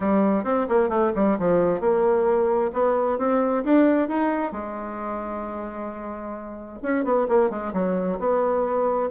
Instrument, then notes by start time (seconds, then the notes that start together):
bassoon
0.00 G3
0.44 C4
0.68 A#3
0.89 A3
1.15 G3
1.39 F3
1.80 A#3
2.73 B3
3.18 C4
3.64 D4
4.08 D#4
4.51 G#3
6.82 C#4
7.04 B3
7.28 A#3
7.49 G#3
7.73 F#3
8.19 B3